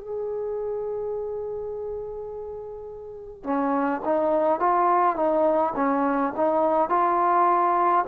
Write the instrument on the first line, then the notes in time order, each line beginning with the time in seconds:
trombone
0.00 G#4
3.44 C#4
4.05 D#4
4.60 F4
5.16 D#4
5.75 C#4
6.36 D#4
6.89 F4